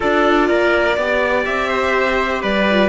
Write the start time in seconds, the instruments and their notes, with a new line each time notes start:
0.00 cello D4, viola F4, trumpet A4, violin D5
0.48 cello A#3, trumpet A#4
0.96 cello B3, viola G4, trumpet D5
1.45 cello C4, violin E5
1.69 trumpet C5
2.41 cello G3, trumpet B4, violin D5
2.70 viola F4